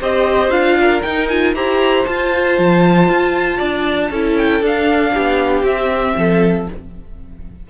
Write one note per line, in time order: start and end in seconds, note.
0.00 0.50 C4
0.00 0.50 G4
0.00 0.77 C5
0.00 0.50 D#5
0.50 1.01 D4
0.50 1.01 F4
0.50 1.01 F5
0.81 1.54 A#4
1.02 1.30 D#4
1.02 1.54 D#4
1.02 1.28 G5
1.28 1.55 F4
1.28 1.54 G#5
1.54 2.05 E4
1.54 2.06 G4
1.54 3.57 C5
1.54 2.05 A#5
2.05 4.11 F4
2.05 2.58 F4
2.05 4.35 A5
2.58 3.09 F3
3.09 3.60 F4
3.57 4.10 D4
3.57 4.08 D5
4.10 4.60 C#4
4.10 4.62 E4
4.10 5.12 A4
4.37 4.63 G5
4.60 5.12 D4
4.60 5.65 D4
4.60 5.65 F5
5.12 5.62 B3
5.12 6.15 G4
5.62 6.13 C4
5.62 6.67 C4
5.62 6.68 E5
6.16 6.68 F3
6.16 6.69 A4